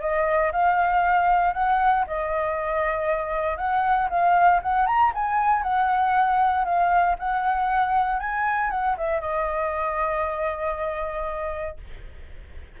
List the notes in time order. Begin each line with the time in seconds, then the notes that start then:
0.00 D#5
0.52 F5
1.53 F#5
2.06 D#5
3.57 F#5
4.09 F5
4.62 F#5
4.86 A#5
5.14 G#5
5.62 F#5
6.65 F5
7.18 F#5
8.19 G#5
8.70 F#5
8.97 E5
9.21 D#5